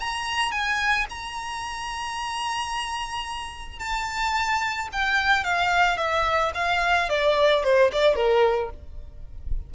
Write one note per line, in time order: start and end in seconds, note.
0.00 0.52 A#5
0.52 1.06 G#5
1.10 3.79 A#5
3.79 4.88 A5
4.93 5.44 G5
5.44 5.98 F5
5.98 6.52 E5
6.55 7.09 F5
7.09 7.64 D5
7.64 7.91 C5
7.93 8.16 D5
8.16 8.70 A#4